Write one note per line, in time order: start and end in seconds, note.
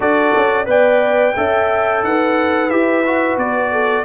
0.00 0.34 D4
0.00 0.65 F#4
0.00 0.68 A4
0.00 0.68 D5
0.36 0.66 C#4
0.65 1.34 B3
0.65 1.33 B4
0.65 1.35 D5
0.65 2.04 G5
1.36 2.03 C#4
1.36 2.70 A4
1.36 2.03 E5
2.03 2.70 D#4
2.03 3.71 B4
2.03 2.70 F#5
2.70 3.37 E4
2.70 3.04 G4
2.70 3.37 E5
3.05 4.04 F#4
3.37 4.04 B3
3.37 4.04 D5
3.71 4.04 A4